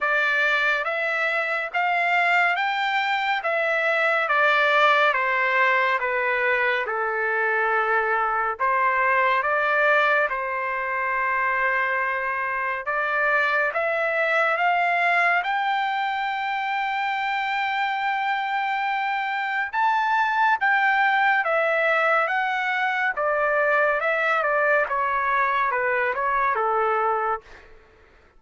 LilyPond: \new Staff \with { instrumentName = "trumpet" } { \time 4/4 \tempo 4 = 70 d''4 e''4 f''4 g''4 | e''4 d''4 c''4 b'4 | a'2 c''4 d''4 | c''2. d''4 |
e''4 f''4 g''2~ | g''2. a''4 | g''4 e''4 fis''4 d''4 | e''8 d''8 cis''4 b'8 cis''8 a'4 | }